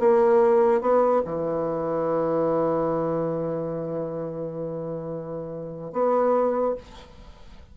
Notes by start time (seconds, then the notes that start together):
0.00 A#3
0.81 B3
1.25 E3
5.93 B3